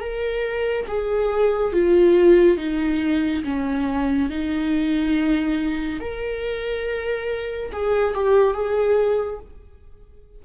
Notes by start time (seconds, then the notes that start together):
0.00 A#4
0.87 G#4
1.73 F4
2.57 D#4
3.43 C#4
4.29 D#4
6.00 A#4
7.72 G#4
8.14 G4
8.53 G#4